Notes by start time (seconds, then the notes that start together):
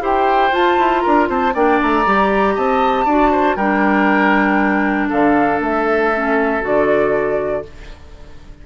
0.00 E4 G4 C5 G5
0.51 F4 A5
0.78 E4
1.00 A#4 A#5
1.06 D4
1.28 C4 C5 A5
1.53 A#3 D4 D5 G5
1.81 A3 A#5
2.05 G3 G4
2.54 C4 D#5 A5
3.05 D4 F#4 D5
3.31 C5
3.56 G3 D4 A#4 G5
5.09 D3 A4 F5
5.60 A3 E5
6.14 C#4
6.60 D3 F#4 D5